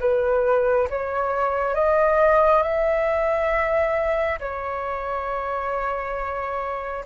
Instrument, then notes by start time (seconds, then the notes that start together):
flute
0.00 B4
0.90 C#5
1.74 D#5
2.63 E5
4.40 C#5